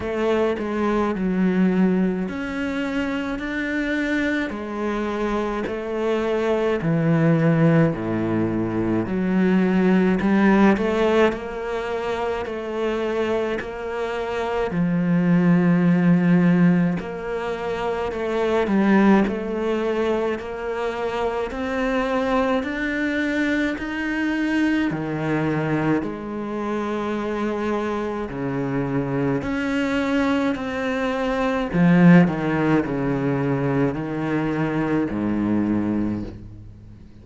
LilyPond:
\new Staff \with { instrumentName = "cello" } { \time 4/4 \tempo 4 = 53 a8 gis8 fis4 cis'4 d'4 | gis4 a4 e4 a,4 | fis4 g8 a8 ais4 a4 | ais4 f2 ais4 |
a8 g8 a4 ais4 c'4 | d'4 dis'4 dis4 gis4~ | gis4 cis4 cis'4 c'4 | f8 dis8 cis4 dis4 gis,4 | }